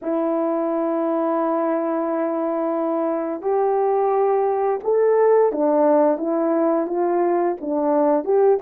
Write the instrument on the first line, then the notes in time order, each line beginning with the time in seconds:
horn
0.02 E4
3.41 G4
4.83 A4
5.51 D4
6.17 E4
6.87 F4
7.60 D4
8.24 G4